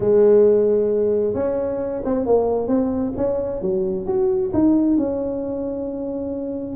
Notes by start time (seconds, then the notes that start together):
0.00 G#3
1.34 C#4
2.04 C4
2.26 A#3
2.67 C4
3.17 C#4
3.61 F#3
4.06 F#4
4.53 D#4
4.97 C#4